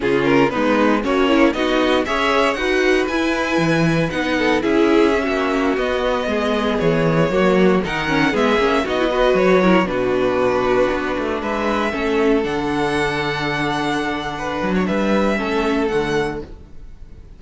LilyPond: <<
  \new Staff \with { instrumentName = "violin" } { \time 4/4 \tempo 4 = 117 gis'8 ais'8 b'4 cis''4 dis''4 | e''4 fis''4 gis''2 | fis''4 e''2~ e''16 dis''8.~ | dis''4~ dis''16 cis''2 fis''8.~ |
fis''16 e''4 dis''4 cis''4 b'8.~ | b'2~ b'16 e''4.~ e''16~ | e''16 fis''2.~ fis''8.~ | fis''4 e''2 fis''4 | }
  \new Staff \with { instrumentName = "violin" } { \time 4/4 f'4 dis'4 cis'4 fis'4 | cis''4 b'2.~ | b'8 a'8 gis'4~ gis'16 fis'4.~ fis'16~ | fis'16 gis'2 fis'4 ais'8.~ |
ais'16 gis'4 fis'8 b'4 ais'8 fis'8.~ | fis'2~ fis'16 b'4 a'8.~ | a'1 | b'8. cis''16 b'4 a'2 | }
  \new Staff \with { instrumentName = "viola" } { \time 4/4 cis'4 b4 fis'8 e'8 dis'4 | gis'4 fis'4 e'2 | dis'4 e'4 cis'4~ cis'16 b8.~ | b2~ b16 ais4 dis'8 cis'16~ |
cis'16 b8 cis'8 dis'16 e'16 fis'4 e'8 d'8.~ | d'2.~ d'16 cis'8.~ | cis'16 d'2.~ d'8.~ | d'2 cis'4 a4 | }
  \new Staff \with { instrumentName = "cello" } { \time 4/4 cis4 gis4 ais4 b4 | cis'4 dis'4 e'4 e4 | b4 cis'4~ cis'16 ais4 b8.~ | b16 gis4 e4 fis4 dis8.~ |
dis16 gis8 ais8 b4 fis4 b,8.~ | b,4~ b,16 b8 a8 gis4 a8.~ | a16 d2.~ d8.~ | d8 fis8 g4 a4 d4 | }
>>